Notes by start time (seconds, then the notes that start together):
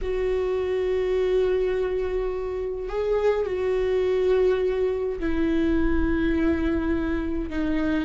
0.01 F#4
2.88 G#4
3.46 F#4
5.19 E4
7.49 D#4